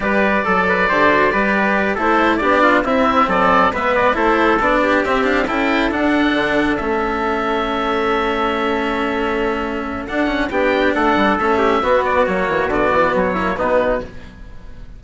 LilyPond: <<
  \new Staff \with { instrumentName = "oboe" } { \time 4/4 \tempo 4 = 137 d''1~ | d''8 c''4 d''4 e''4 d''8~ | d''8 e''8 d''8 c''4 d''4 e''8 | f''8 g''4 fis''2 e''8~ |
e''1~ | e''2. fis''4 | g''4 fis''4 e''4. d''8 | cis''4 d''4 cis''4 b'4 | }
  \new Staff \with { instrumentName = "trumpet" } { \time 4/4 b'4 a'8 b'8 c''4 b'4~ | b'8 a'4 g'8 f'8 e'4 a'8~ | a'8 b'4 a'4. g'4~ | g'8 a'2.~ a'8~ |
a'1~ | a'1 | g'4 a'4. g'8 fis'4~ | fis'2~ fis'8 e'8 dis'4 | }
  \new Staff \with { instrumentName = "cello" } { \time 4/4 g'4 a'4 g'8 fis'8 g'4~ | g'8 e'4 d'4 c'4.~ | c'8 b4 e'4 d'4 c'8 | d'8 e'4 d'2 cis'8~ |
cis'1~ | cis'2. d'8 cis'8 | d'2 cis'4 b4 | ais4 b4. ais8 b4 | }
  \new Staff \with { instrumentName = "bassoon" } { \time 4/4 g4 fis4 d4 g4~ | g8 a4 b4 c'4 fis8~ | fis8 gis4 a4 b4 c'8~ | c'8 cis'4 d'4 d4 a8~ |
a1~ | a2. d'4 | b4 a8 g8 a4 b4 | fis8 e8 d8 e8 fis4 b,4 | }
>>